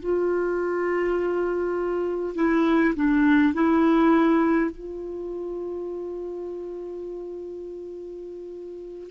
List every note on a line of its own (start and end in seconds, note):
0.00 2.35 F4
2.35 2.94 E4
2.96 3.54 D4
3.54 4.71 E4
4.71 9.11 F4